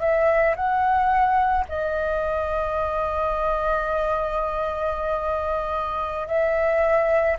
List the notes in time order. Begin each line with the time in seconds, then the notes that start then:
0.00 E5
0.56 F#5
1.68 D#5
6.27 E5